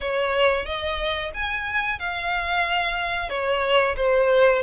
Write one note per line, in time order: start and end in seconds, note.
0.00 0.65 C#5
0.65 1.31 D#5
1.34 1.99 G#5
1.99 3.29 F5
3.29 3.95 C#5
3.96 4.62 C5